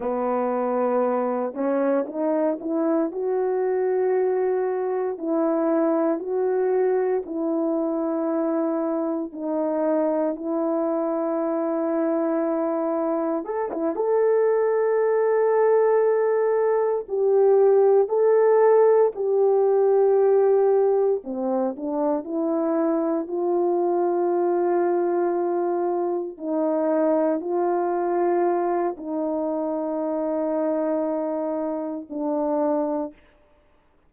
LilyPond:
\new Staff \with { instrumentName = "horn" } { \time 4/4 \tempo 4 = 58 b4. cis'8 dis'8 e'8 fis'4~ | fis'4 e'4 fis'4 e'4~ | e'4 dis'4 e'2~ | e'4 a'16 e'16 a'2~ a'8~ |
a'8 g'4 a'4 g'4.~ | g'8 c'8 d'8 e'4 f'4.~ | f'4. dis'4 f'4. | dis'2. d'4 | }